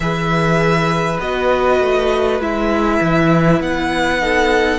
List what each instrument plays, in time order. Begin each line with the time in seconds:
0.00 cello E3, viola G#4, violin B4 E5
1.20 cello B3, viola F#4, violin D#5
1.79 cello A3
2.40 cello G#3, viola E4, violin E5
3.00 cello E3
3.60 cello B3, violin F#5
4.20 viola D#4, violin A4